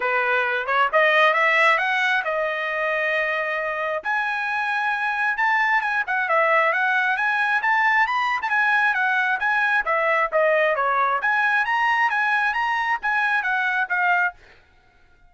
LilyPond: \new Staff \with { instrumentName = "trumpet" } { \time 4/4 \tempo 4 = 134 b'4. cis''8 dis''4 e''4 | fis''4 dis''2.~ | dis''4 gis''2. | a''4 gis''8 fis''8 e''4 fis''4 |
gis''4 a''4 b''8. a''16 gis''4 | fis''4 gis''4 e''4 dis''4 | cis''4 gis''4 ais''4 gis''4 | ais''4 gis''4 fis''4 f''4 | }